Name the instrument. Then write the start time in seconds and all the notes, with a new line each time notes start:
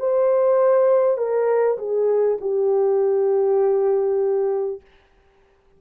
horn
0.00 C5
1.18 A#4
1.78 G#4
2.41 G4